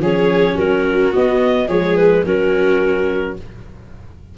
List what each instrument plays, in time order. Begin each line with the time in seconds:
0.00 tuba F3, viola C#4 G#4, clarinet C#5
0.55 tuba F#3, viola F#4, clarinet A#4
1.12 viola B3, tuba B3, clarinet D#5
1.68 tuba F3, viola G#3 G#4, clarinet C#5
1.97 clarinet B4
2.25 tuba F#3, viola C#4 F#4, clarinet A#4